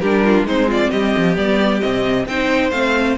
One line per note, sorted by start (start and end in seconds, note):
0.00 0.43 G3
0.00 0.47 D4
0.00 0.23 G4
0.00 0.45 A#4
0.24 0.46 F4
0.43 0.88 G#3
0.43 1.35 C4
0.43 0.68 D#4
0.43 0.70 C5
0.68 0.90 F4
0.68 0.90 D5
0.90 1.15 G3
0.90 2.25 G4
0.90 1.35 D#5
1.17 1.36 F3
1.35 1.82 G3
1.35 1.80 B3
1.35 1.80 D5
1.80 2.26 C3
1.80 2.26 C4
1.80 2.25 D#5
2.26 2.71 C4
2.26 2.71 D#4
2.26 3.18 C5
2.26 2.71 G5
2.71 3.17 A3
2.71 3.16 C4
2.71 3.16 F5